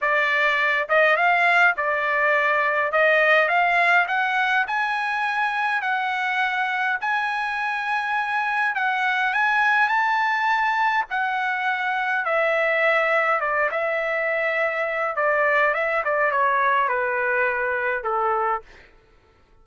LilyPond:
\new Staff \with { instrumentName = "trumpet" } { \time 4/4 \tempo 4 = 103 d''4. dis''8 f''4 d''4~ | d''4 dis''4 f''4 fis''4 | gis''2 fis''2 | gis''2. fis''4 |
gis''4 a''2 fis''4~ | fis''4 e''2 d''8 e''8~ | e''2 d''4 e''8 d''8 | cis''4 b'2 a'4 | }